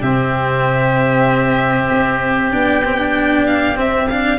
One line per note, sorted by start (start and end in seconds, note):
0.00 1.89 C3
0.00 2.52 C4
0.00 4.38 G4
0.00 2.52 E5
1.91 2.53 C4
2.52 3.77 B3
2.52 2.83 D4
2.52 3.46 G5
2.85 2.98 C4
2.98 3.76 D4
3.47 3.78 F5
3.76 4.07 C4
3.76 4.39 C4
3.76 4.09 E5
4.09 4.39 D4
4.09 4.39 F5